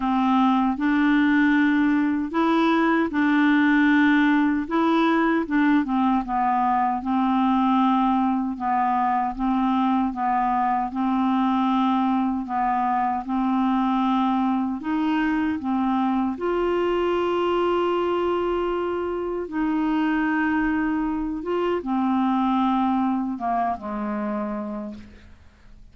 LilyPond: \new Staff \with { instrumentName = "clarinet" } { \time 4/4 \tempo 4 = 77 c'4 d'2 e'4 | d'2 e'4 d'8 c'8 | b4 c'2 b4 | c'4 b4 c'2 |
b4 c'2 dis'4 | c'4 f'2.~ | f'4 dis'2~ dis'8 f'8 | c'2 ais8 gis4. | }